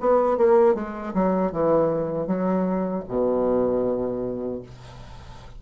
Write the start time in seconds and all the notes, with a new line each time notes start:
0.00 B3
0.37 A#3
0.74 G#3
1.14 F#3
1.51 E3
2.27 F#3
3.08 B2